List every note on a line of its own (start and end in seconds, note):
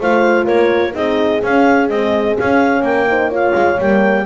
0.00 0.47 A3
0.00 0.93 F4
0.00 0.44 C5
0.00 0.46 F5
0.44 0.94 A#3
0.44 0.91 A#4
0.44 0.94 C#5
0.93 1.41 C4
0.93 1.40 D#4
0.93 2.83 G#4
0.93 1.43 D#5
1.43 1.90 C#4
1.43 1.88 F5
1.88 2.36 G#3
1.88 2.37 C4
1.88 2.36 D#5
2.36 3.07 C#4
2.36 2.81 C#4
2.36 2.84 F5
2.81 3.52 A#3
2.81 3.06 A#4
2.81 3.31 G5
3.08 3.30 D#4
3.08 3.29 C5
3.29 3.77 F4
3.29 4.23 C#5
3.29 3.81 F5
3.54 3.78 G#3
3.78 4.26 G3
3.78 4.25 A#3
3.78 4.26 G5